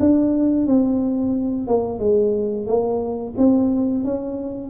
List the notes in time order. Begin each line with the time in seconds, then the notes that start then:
0.00 D4
0.66 C4
1.68 A#3
1.99 G#3
2.67 A#3
3.37 C4
4.04 C#4